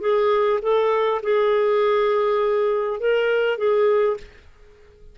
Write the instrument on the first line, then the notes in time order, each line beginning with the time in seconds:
clarinet
0.00 G#4
0.62 A4
1.22 G#4
2.99 A#4
3.57 G#4